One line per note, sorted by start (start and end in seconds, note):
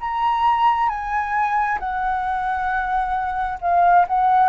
0.00 0.89 A#5
0.89 1.79 G#5
1.79 3.58 F#5
3.61 4.05 F5
4.07 4.49 F#5